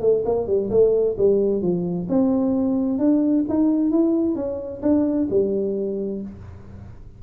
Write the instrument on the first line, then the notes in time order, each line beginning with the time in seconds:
tuba
0.00 A3
0.25 A#3
0.46 G3
0.70 A3
1.17 G3
1.61 F3
2.08 C4
2.98 D4
3.49 D#4
3.91 E4
4.35 C#4
4.82 D4
5.30 G3